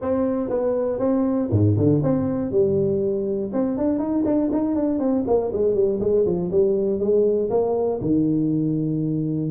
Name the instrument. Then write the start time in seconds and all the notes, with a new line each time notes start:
tuba
0.01 C4
0.49 B3
0.99 C4
1.50 G#2
1.77 D3
2.02 C4
2.51 G3
3.52 C4
3.77 D4
3.98 D#4
4.25 D4
4.51 D#4
4.75 D4
4.99 C4
5.26 A#3
5.52 G#3
5.74 G3
6.00 G#3
6.25 F3
6.51 G3
6.99 G#3
7.50 A#3
8.01 D#3